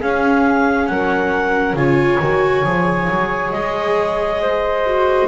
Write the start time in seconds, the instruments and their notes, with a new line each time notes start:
0.00 viola C#4, double bass C#4, flute G#4, clarinet F5
0.87 double bass F#3, flute A#4, clarinet F#5
1.73 double bass C#3, viola F4, flute C#5, clarinet G#5
2.19 double bass D#3, viola F#4
2.64 double bass F3, viola G#4
3.09 double bass F#3
3.51 double bass G#3, clarinet D#5
4.42 flute C5
4.86 viola F#4